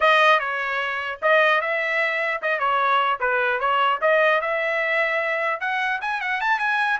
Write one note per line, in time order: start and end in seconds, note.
0.00 0.39 D#5
0.39 1.19 C#5
1.21 1.61 D#5
1.61 2.41 E5
2.42 2.59 D#5
2.59 3.19 C#5
3.19 3.59 B4
3.60 4.00 C#5
4.01 4.41 D#5
4.41 5.60 E5
5.60 6.00 F#5
6.01 6.20 G#5
6.20 6.40 F#5
6.41 6.59 A5
6.59 6.99 G#5